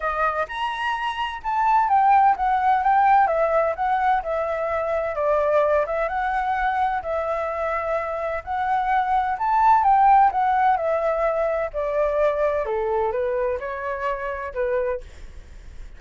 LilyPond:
\new Staff \with { instrumentName = "flute" } { \time 4/4 \tempo 4 = 128 dis''4 ais''2 a''4 | g''4 fis''4 g''4 e''4 | fis''4 e''2 d''4~ | d''8 e''8 fis''2 e''4~ |
e''2 fis''2 | a''4 g''4 fis''4 e''4~ | e''4 d''2 a'4 | b'4 cis''2 b'4 | }